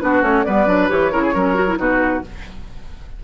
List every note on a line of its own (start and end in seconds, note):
0.00 0.22 B3
0.00 0.22 D4
0.00 0.46 F#4
0.00 0.22 B4
0.22 0.44 A3
0.22 0.44 C#4
0.22 0.44 C#5
0.44 0.67 G3
0.44 0.67 B3
0.44 1.12 B4
0.44 0.89 D5
0.67 0.89 F#3
0.67 0.89 D4
0.89 1.12 E3
0.89 1.12 G4
0.89 1.79 C#5
1.12 1.35 C#3
1.12 1.34 E4
1.12 1.23 A#4
1.23 1.34 G#4
1.34 1.78 F#3
1.34 1.55 C#4
1.34 1.79 A#4
1.55 1.66 F#4
1.67 1.77 E4
1.77 2.23 B2
1.77 2.22 D#4
1.77 2.24 F#4
1.77 2.23 B4